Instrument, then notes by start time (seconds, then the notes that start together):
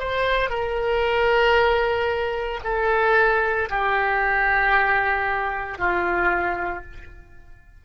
oboe
0.00 C5
0.50 A#4
2.64 A4
3.70 G4
5.78 F4